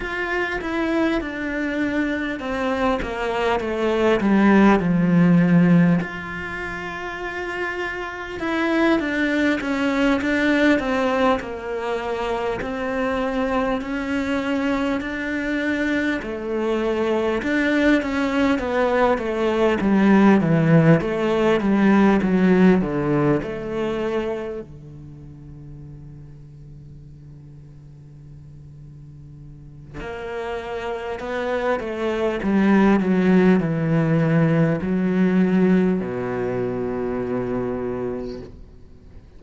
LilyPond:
\new Staff \with { instrumentName = "cello" } { \time 4/4 \tempo 4 = 50 f'8 e'8 d'4 c'8 ais8 a8 g8 | f4 f'2 e'8 d'8 | cis'8 d'8 c'8 ais4 c'4 cis'8~ | cis'8 d'4 a4 d'8 cis'8 b8 |
a8 g8 e8 a8 g8 fis8 d8 a8~ | a8 d2.~ d8~ | d4 ais4 b8 a8 g8 fis8 | e4 fis4 b,2 | }